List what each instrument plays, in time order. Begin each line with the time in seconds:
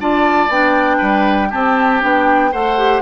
0.00 bassoon D4, clarinet F4, oboe D5, flute A5
0.49 bassoon B3, clarinet D4, flute G5
0.98 bassoon G3, oboe B4
1.50 clarinet C4, bassoon C4, oboe G4, flute A5
2.01 bassoon B3, clarinet D4, flute G5
2.52 bassoon A3, clarinet A4, oboe C5, flute F#5
2.78 clarinet G4